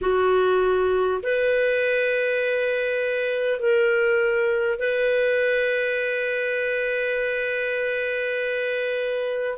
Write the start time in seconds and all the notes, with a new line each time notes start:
0.01 F#4
1.23 B4
3.59 A#4
4.79 B4